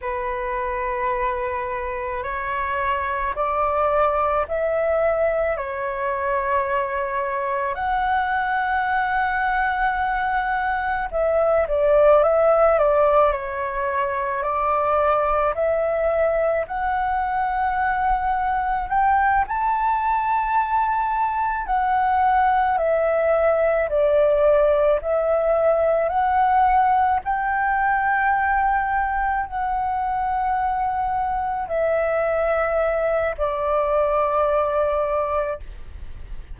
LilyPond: \new Staff \with { instrumentName = "flute" } { \time 4/4 \tempo 4 = 54 b'2 cis''4 d''4 | e''4 cis''2 fis''4~ | fis''2 e''8 d''8 e''8 d''8 | cis''4 d''4 e''4 fis''4~ |
fis''4 g''8 a''2 fis''8~ | fis''8 e''4 d''4 e''4 fis''8~ | fis''8 g''2 fis''4.~ | fis''8 e''4. d''2 | }